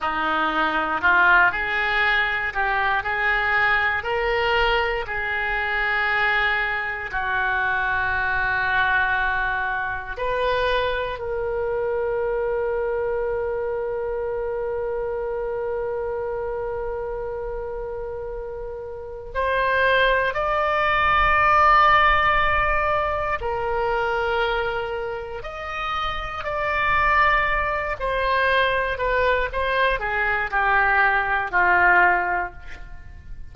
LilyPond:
\new Staff \with { instrumentName = "oboe" } { \time 4/4 \tempo 4 = 59 dis'4 f'8 gis'4 g'8 gis'4 | ais'4 gis'2 fis'4~ | fis'2 b'4 ais'4~ | ais'1~ |
ais'2. c''4 | d''2. ais'4~ | ais'4 dis''4 d''4. c''8~ | c''8 b'8 c''8 gis'8 g'4 f'4 | }